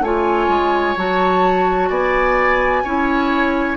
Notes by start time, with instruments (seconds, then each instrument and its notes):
0.00 bassoon A3, clarinet F4, oboe C#5, flute G#5
0.48 bassoon G#3
0.96 bassoon F#3, clarinet F#4, flute A5
1.89 bassoon B3, oboe D5, flute G#5
2.83 bassoon C#4, clarinet E4, oboe C#5